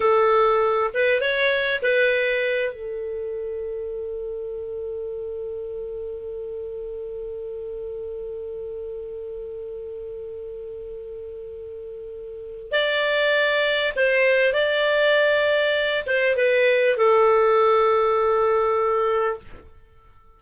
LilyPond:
\new Staff \with { instrumentName = "clarinet" } { \time 4/4 \tempo 4 = 99 a'4. b'8 cis''4 b'4~ | b'8 a'2.~ a'8~ | a'1~ | a'1~ |
a'1~ | a'4 d''2 c''4 | d''2~ d''8 c''8 b'4 | a'1 | }